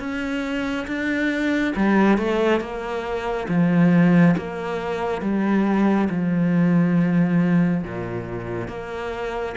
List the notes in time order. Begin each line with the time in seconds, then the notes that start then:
0.00 C#4
0.87 D4
1.76 G3
2.18 A3
2.60 A#3
3.49 F3
4.38 A#3
5.22 G3
6.10 F3
7.84 A#2
8.68 A#3